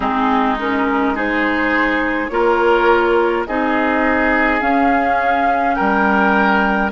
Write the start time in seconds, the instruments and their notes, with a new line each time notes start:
0.00 bassoon G#3, clarinet C4, oboe D#4, flute G#4
0.59 clarinet C#4, flute A#4
1.15 clarinet D#4, oboe G#4, flute C5
2.28 bassoon A#3, clarinet F4, oboe A#4, flute C#5
3.45 bassoon C4, clarinet D#4, oboe G#4, flute D#5
4.60 clarinet C#4, bassoon C#4, flute F5
5.74 bassoon G3, oboe A#4, flute G5